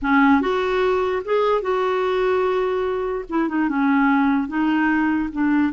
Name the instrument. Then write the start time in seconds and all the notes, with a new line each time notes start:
clarinet
0.02 C#4
0.41 F#4
1.24 G#4
1.61 F#4
3.29 E4
3.48 D#4
3.68 C#4
4.47 D#4
5.32 D4